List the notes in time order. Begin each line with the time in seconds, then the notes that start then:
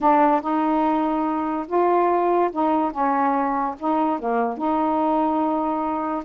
0.00 D4
0.41 D#4
1.67 F4
2.52 D#4
2.91 C#4
3.79 D#4
4.19 A#3
4.57 D#4